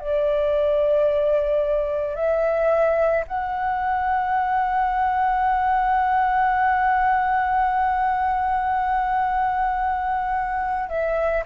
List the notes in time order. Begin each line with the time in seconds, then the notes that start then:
0.00 D5
2.16 E5
3.28 F#5
10.89 E5